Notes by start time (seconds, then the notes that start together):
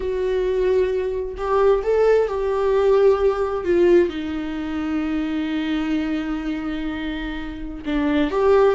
0.00 F#4
1.37 G4
1.83 A4
2.28 G4
3.64 F4
4.09 D#4
7.85 D4
8.30 G4